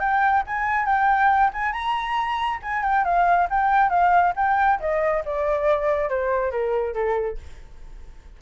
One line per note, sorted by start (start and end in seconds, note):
0.00 0.43 G5
0.47 0.86 G#5
0.86 1.51 G5
1.53 1.73 G#5
1.73 2.60 A#5
2.63 2.83 G#5
2.83 3.05 G5
3.05 3.48 F5
3.50 3.90 G5
3.90 4.34 F5
4.37 4.80 G5
4.80 5.24 D#5
5.26 6.10 D5
6.10 6.51 C5
6.51 6.94 A#4
6.94 7.38 A4